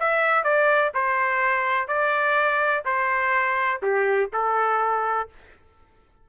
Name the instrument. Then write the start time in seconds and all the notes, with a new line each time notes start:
trumpet
0.00 E5
0.44 D5
0.94 C5
1.88 D5
2.86 C5
3.83 G4
4.34 A4